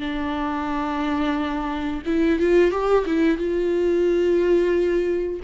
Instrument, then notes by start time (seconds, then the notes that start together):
viola
0.00 D4
2.06 E4
2.39 F4
2.71 G4
3.06 E4
3.38 F4